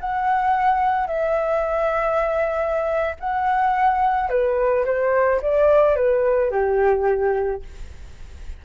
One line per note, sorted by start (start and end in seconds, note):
0.00 1.07 F#5
1.07 3.15 E5
3.20 4.29 F#5
4.29 4.85 B4
4.85 5.41 C5
5.42 5.96 D5
5.96 6.51 B4
6.51 7.62 G4